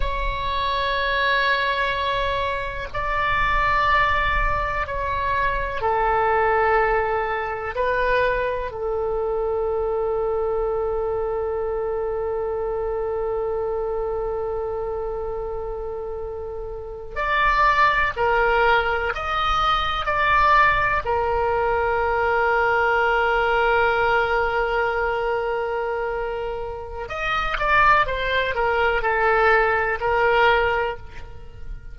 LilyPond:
\new Staff \with { instrumentName = "oboe" } { \time 4/4 \tempo 4 = 62 cis''2. d''4~ | d''4 cis''4 a'2 | b'4 a'2.~ | a'1~ |
a'4.~ a'16 d''4 ais'4 dis''16~ | dis''8. d''4 ais'2~ ais'16~ | ais'1 | dis''8 d''8 c''8 ais'8 a'4 ais'4 | }